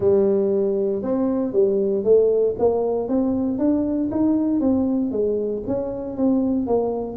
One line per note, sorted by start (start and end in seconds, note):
0.00 1.02 G3
1.02 1.52 C4
1.52 2.03 G3
2.03 2.55 A3
2.59 3.08 A#3
3.08 3.58 C4
3.58 4.09 D4
4.11 4.60 D#4
4.60 5.11 C4
5.11 5.63 G#3
5.67 6.17 C#4
6.17 6.66 C4
6.66 7.17 A#3